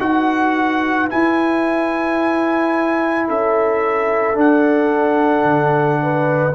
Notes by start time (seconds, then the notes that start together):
0.00 D#4 F#4 B4 F#5
1.09 E4 G#5
3.28 C#4 A4 E5
4.35 D4 F#5
5.44 D3
6.03 B4